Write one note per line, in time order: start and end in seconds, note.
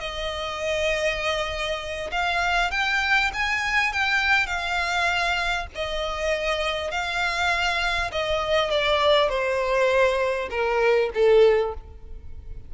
0.00 2.10 D#5
2.11 2.71 F5
2.71 3.31 G5
3.33 3.92 G#5
3.92 4.46 G5
4.46 5.66 F5
5.75 6.91 D#5
6.91 8.11 F5
8.11 8.70 D#5
8.70 9.29 D5
9.29 10.49 C5
10.50 11.10 A#4
11.14 11.74 A4